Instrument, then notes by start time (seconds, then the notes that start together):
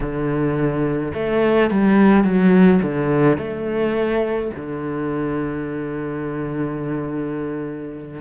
cello
0.00 D3
1.14 A3
1.70 G3
2.24 F#3
2.82 D3
3.37 A3
4.56 D3